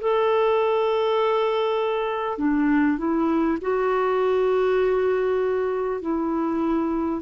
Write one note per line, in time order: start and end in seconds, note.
0.00 2.37 A4
2.37 2.97 D4
2.98 3.58 E4
3.61 6.01 F#4
6.01 7.21 E4